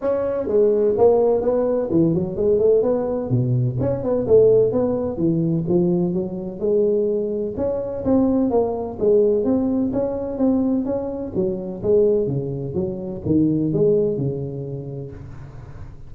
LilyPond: \new Staff \with { instrumentName = "tuba" } { \time 4/4 \tempo 4 = 127 cis'4 gis4 ais4 b4 | e8 fis8 gis8 a8 b4 b,4 | cis'8 b8 a4 b4 e4 | f4 fis4 gis2 |
cis'4 c'4 ais4 gis4 | c'4 cis'4 c'4 cis'4 | fis4 gis4 cis4 fis4 | dis4 gis4 cis2 | }